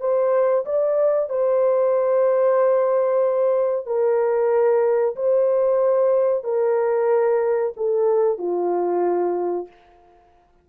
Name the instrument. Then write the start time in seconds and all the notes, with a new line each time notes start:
horn
0.00 C5
0.65 D5
1.29 C5
3.86 A#4
5.16 C5
6.44 A#4
7.77 A4
8.38 F4